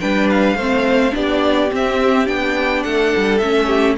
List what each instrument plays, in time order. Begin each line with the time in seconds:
0.00 cello G3, viola D4, violin B4 G5
0.30 violin F5
0.55 cello A3, viola C4, violin C5
1.11 cello B3, viola D4, violin G4 D5
1.71 viola C4, cello C4, violin E5
2.26 cello B3, viola D4, violin G5
2.83 cello A3, violin A4 F#5
3.17 cello G3
3.38 cello A3, viola C#4, violin E5
3.67 violin G4